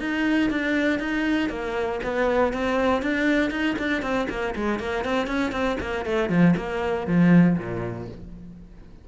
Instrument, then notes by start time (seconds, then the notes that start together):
cello
0.00 D#4
0.50 D4
1.00 D#4
1.50 A#3
2.04 B3
2.53 C4
3.03 D4
3.51 D#4
3.79 D4
4.02 C4
4.29 A#3
4.56 G#3
4.80 A#3
5.05 C4
5.27 C#4
5.52 C4
5.80 A#3
6.06 A3
6.30 F3
6.57 A#3
7.07 F3
7.58 A#2